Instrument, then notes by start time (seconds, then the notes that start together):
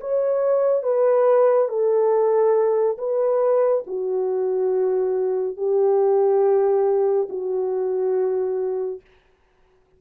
horn
0.00 C#5
0.82 B4
1.68 A4
2.98 B4
3.86 F#4
5.56 G4
7.29 F#4